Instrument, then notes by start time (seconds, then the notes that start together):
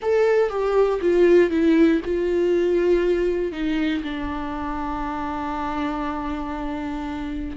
viola
0.02 A4
0.49 G4
1.01 F4
1.50 E4
2.04 F4
3.52 D#4
4.03 D4